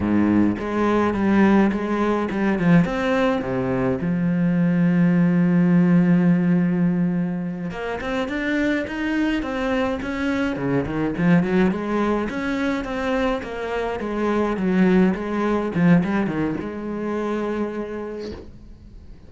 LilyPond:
\new Staff \with { instrumentName = "cello" } { \time 4/4 \tempo 4 = 105 gis,4 gis4 g4 gis4 | g8 f8 c'4 c4 f4~ | f1~ | f4. ais8 c'8 d'4 dis'8~ |
dis'8 c'4 cis'4 cis8 dis8 f8 | fis8 gis4 cis'4 c'4 ais8~ | ais8 gis4 fis4 gis4 f8 | g8 dis8 gis2. | }